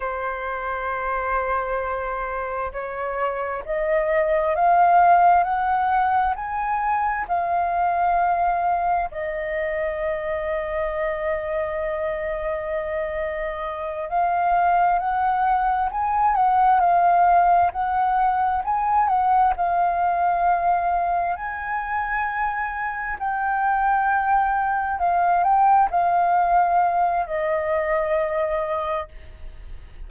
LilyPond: \new Staff \with { instrumentName = "flute" } { \time 4/4 \tempo 4 = 66 c''2. cis''4 | dis''4 f''4 fis''4 gis''4 | f''2 dis''2~ | dis''2.~ dis''8 f''8~ |
f''8 fis''4 gis''8 fis''8 f''4 fis''8~ | fis''8 gis''8 fis''8 f''2 gis''8~ | gis''4. g''2 f''8 | g''8 f''4. dis''2 | }